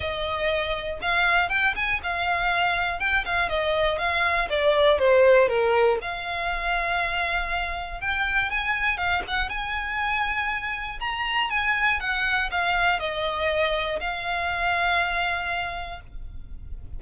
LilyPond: \new Staff \with { instrumentName = "violin" } { \time 4/4 \tempo 4 = 120 dis''2 f''4 g''8 gis''8 | f''2 g''8 f''8 dis''4 | f''4 d''4 c''4 ais'4 | f''1 |
g''4 gis''4 f''8 fis''8 gis''4~ | gis''2 ais''4 gis''4 | fis''4 f''4 dis''2 | f''1 | }